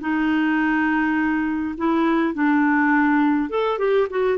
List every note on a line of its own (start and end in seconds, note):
0.00 1.75 D#4
1.77 2.34 E4
2.34 3.50 D4
3.50 3.78 A4
3.78 4.07 G4
4.10 4.38 F#4